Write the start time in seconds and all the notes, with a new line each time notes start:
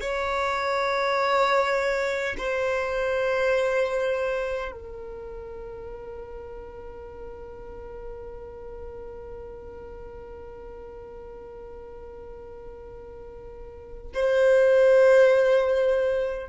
0.00 C#5
2.37 C5
4.71 A#4
14.13 C5